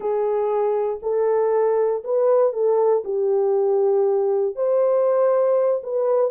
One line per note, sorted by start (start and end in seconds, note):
0.00 1.00 G#4
1.02 2.03 A4
2.04 2.53 B4
2.53 3.03 A4
3.04 4.55 G4
4.55 5.81 C5
5.83 6.31 B4